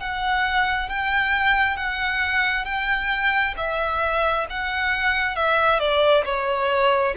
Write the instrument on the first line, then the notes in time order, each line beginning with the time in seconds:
violin
0.00 F#5
0.89 G5
1.77 F#5
2.65 G5
3.57 E5
4.50 F#5
5.36 E5
5.80 D5
6.25 C#5